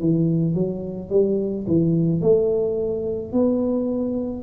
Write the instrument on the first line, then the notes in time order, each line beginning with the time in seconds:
tuba
0.00 E3
0.54 F#3
1.10 G3
1.67 E3
2.21 A3
3.32 B3